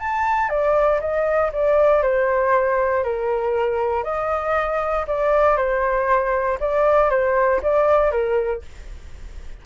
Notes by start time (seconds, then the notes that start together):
0.00 A5
0.50 D5
1.01 D#5
1.53 D5
2.03 C5
3.04 A#4
4.04 D#5
5.08 D5
5.57 C5
6.60 D5
7.10 C5
7.63 D5
8.12 A#4